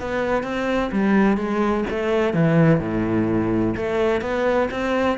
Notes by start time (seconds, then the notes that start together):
0.00 B3
0.43 C4
0.92 G3
1.37 G#3
1.90 A3
2.34 E3
2.80 A2
3.76 A3
4.21 B3
4.71 C4